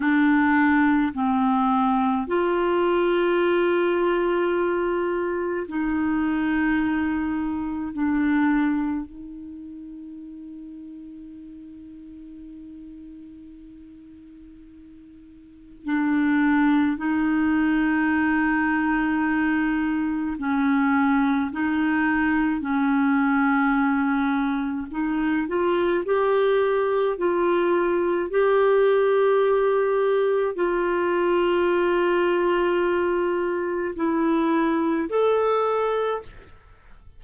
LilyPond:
\new Staff \with { instrumentName = "clarinet" } { \time 4/4 \tempo 4 = 53 d'4 c'4 f'2~ | f'4 dis'2 d'4 | dis'1~ | dis'2 d'4 dis'4~ |
dis'2 cis'4 dis'4 | cis'2 dis'8 f'8 g'4 | f'4 g'2 f'4~ | f'2 e'4 a'4 | }